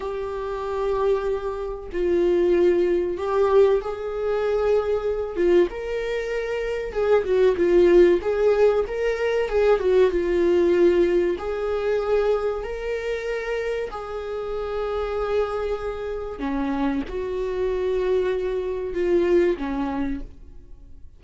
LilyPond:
\new Staff \with { instrumentName = "viola" } { \time 4/4 \tempo 4 = 95 g'2. f'4~ | f'4 g'4 gis'2~ | gis'8 f'8 ais'2 gis'8 fis'8 | f'4 gis'4 ais'4 gis'8 fis'8 |
f'2 gis'2 | ais'2 gis'2~ | gis'2 cis'4 fis'4~ | fis'2 f'4 cis'4 | }